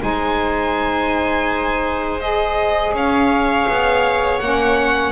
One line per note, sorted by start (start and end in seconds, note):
0.00 2.93 G#3
0.00 2.20 D#4
0.00 2.94 C5
0.00 2.20 G#5
2.20 4.40 G#4
2.20 2.93 D#5
2.93 3.66 C#4
2.93 5.12 C#5
2.93 4.39 F5
3.68 4.41 B3
4.39 5.12 A#3
4.39 5.12 C#4
4.39 5.12 F#5